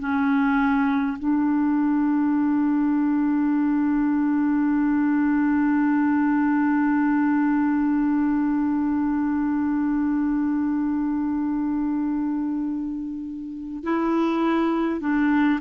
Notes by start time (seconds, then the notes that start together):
0.00 C#4
1.19 D4
13.84 E4
15.01 D4